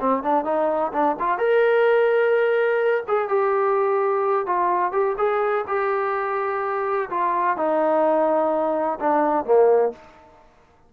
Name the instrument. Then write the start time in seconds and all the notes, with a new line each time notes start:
trombone
0.00 C4
0.23 D4
0.45 D#4
0.93 D4
1.20 F4
1.39 A#4
3.08 G#4
3.29 G4
4.46 F4
4.93 G4
5.18 G#4
5.68 G4
7.10 F4
7.57 D#4
9.00 D4
9.45 A#3